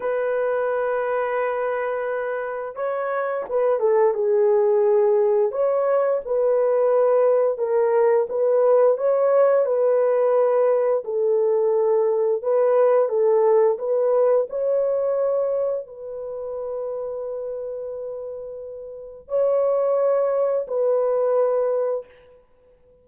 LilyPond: \new Staff \with { instrumentName = "horn" } { \time 4/4 \tempo 4 = 87 b'1 | cis''4 b'8 a'8 gis'2 | cis''4 b'2 ais'4 | b'4 cis''4 b'2 |
a'2 b'4 a'4 | b'4 cis''2 b'4~ | b'1 | cis''2 b'2 | }